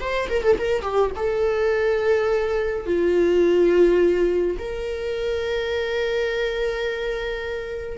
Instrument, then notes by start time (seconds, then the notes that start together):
viola
0.00 C5
0.29 A#4
0.43 A4
0.58 A#4
0.82 G4
1.16 A4
2.86 F4
4.59 A#4